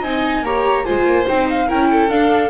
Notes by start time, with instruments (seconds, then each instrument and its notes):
0.00 double bass C4, viola D#4, violin D#5, flute G#5
0.42 double bass A#3, viola G4, violin C#5, flute A#5
0.85 double bass G#3, viola F4, violin C5, flute G#5
1.05 double bass A#3
1.26 double bass C4, viola D#4, flute G5
1.49 flute F5
1.67 double bass C#4, viola E4, violin A#4, flute G5
1.90 violin A4
2.08 double bass D4, viola D4, flute F5